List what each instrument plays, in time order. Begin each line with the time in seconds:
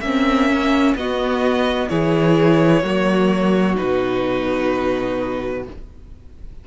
0.00 cello A#3, violin C#4 E5
0.06 viola C4
0.49 viola C#4
0.95 cello B3, viola B3, violin F#4 D#5
1.88 cello E3, viola E4, violin G#4 C#5
2.82 cello F#3, viola A#3, violin F#4
3.75 cello B2, viola D#4, violin B4